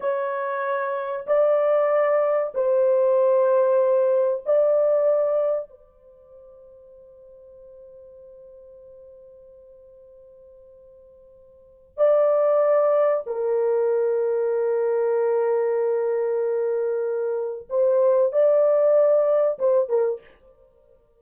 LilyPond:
\new Staff \with { instrumentName = "horn" } { \time 4/4 \tempo 4 = 95 cis''2 d''2 | c''2. d''4~ | d''4 c''2.~ | c''1~ |
c''2. d''4~ | d''4 ais'2.~ | ais'1 | c''4 d''2 c''8 ais'8 | }